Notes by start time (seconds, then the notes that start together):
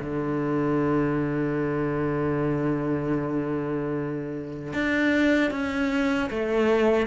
0.00 D3
4.73 D4
5.51 C#4
6.30 A3